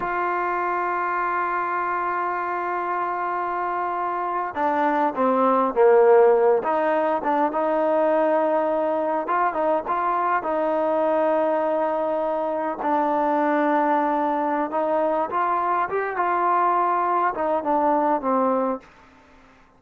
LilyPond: \new Staff \with { instrumentName = "trombone" } { \time 4/4 \tempo 4 = 102 f'1~ | f'2.~ f'8. d'16~ | d'8. c'4 ais4. dis'8.~ | dis'16 d'8 dis'2. f'16~ |
f'16 dis'8 f'4 dis'2~ dis'16~ | dis'4.~ dis'16 d'2~ d'16~ | d'4 dis'4 f'4 g'8 f'8~ | f'4. dis'8 d'4 c'4 | }